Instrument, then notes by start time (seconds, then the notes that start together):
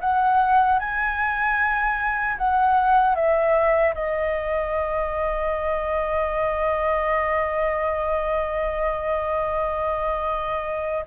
flute
0.00 F#5
0.79 G#5
2.37 F#5
3.15 E5
3.94 D#5